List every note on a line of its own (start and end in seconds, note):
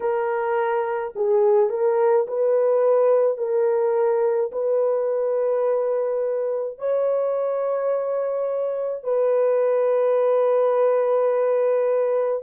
0.00 1.13 A#4
1.15 1.69 G#4
1.69 2.26 A#4
2.27 3.37 B4
3.37 4.50 A#4
4.52 6.78 B4
6.78 9.03 C#5
9.03 12.42 B4